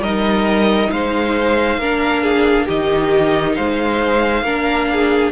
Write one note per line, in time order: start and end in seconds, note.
0.00 0.88 G3
0.00 1.81 D#4
0.00 0.91 A#4
0.00 0.92 D#5
0.92 1.78 G#3
0.92 1.80 C5
0.92 2.68 F5
1.78 2.66 A#3
1.78 2.69 D4
1.78 2.24 A#4
2.24 2.66 G#4
2.66 3.58 D#3
2.66 4.45 D#4
2.66 3.54 G4
2.66 3.55 D#5
3.55 4.43 G#3
3.55 4.44 C5
3.55 5.32 F5
4.43 5.31 A#3
4.43 5.32 D4
4.43 4.88 A#4
4.93 5.32 G#4